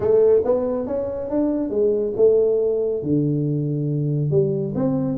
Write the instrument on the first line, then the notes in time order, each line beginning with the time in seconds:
tuba
0.00 A3
0.44 B3
0.86 C#4
1.30 D4
1.70 G#3
2.16 A3
3.02 D3
4.30 G3
4.75 C4